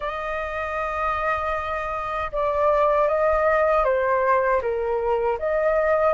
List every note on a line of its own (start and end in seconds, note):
0.00 2.31 D#5
2.32 3.08 D5
3.08 3.84 D#5
3.84 4.61 C5
4.61 5.38 A#4
5.38 6.13 D#5